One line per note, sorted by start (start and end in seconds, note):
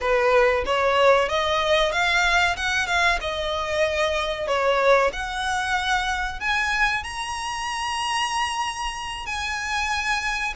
0.00 0.64 B4
0.65 1.29 C#5
1.29 1.91 D#5
1.91 2.55 F5
2.56 2.87 F#5
2.87 3.19 F5
3.20 4.47 D#5
4.47 5.11 C#5
5.12 6.40 F#5
6.40 7.03 G#5
7.03 9.26 A#5
9.26 10.53 G#5